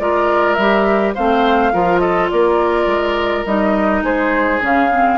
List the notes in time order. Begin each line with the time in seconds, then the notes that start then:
0.00 G#3 F4 A#4 D5
0.55 G3 E5
0.61 G4
1.15 A3 C4 C5 F5
1.73 F3 F4 A#4
1.99 A4 D#5
2.30 A#3 A#4 D5
2.87 G#3
3.46 G3 D#4 D#5
4.03 G#3 G#4 C5
4.61 C#3 C#4 F5
4.92 C4